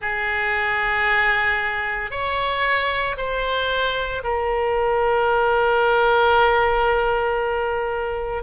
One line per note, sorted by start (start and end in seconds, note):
0.01 2.11 G#4
2.11 3.16 C#5
3.17 4.22 C5
4.23 8.43 A#4